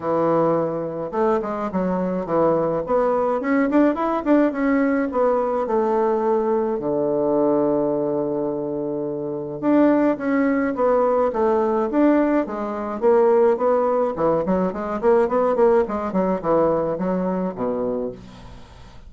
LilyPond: \new Staff \with { instrumentName = "bassoon" } { \time 4/4 \tempo 4 = 106 e2 a8 gis8 fis4 | e4 b4 cis'8 d'8 e'8 d'8 | cis'4 b4 a2 | d1~ |
d4 d'4 cis'4 b4 | a4 d'4 gis4 ais4 | b4 e8 fis8 gis8 ais8 b8 ais8 | gis8 fis8 e4 fis4 b,4 | }